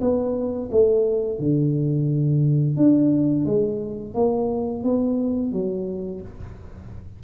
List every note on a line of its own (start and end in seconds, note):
0.00 0.69 B3
0.71 1.39 A3
1.39 2.76 D3
2.76 3.45 D4
3.45 4.14 G#3
4.14 4.83 A#3
4.83 5.52 B3
5.52 6.21 F#3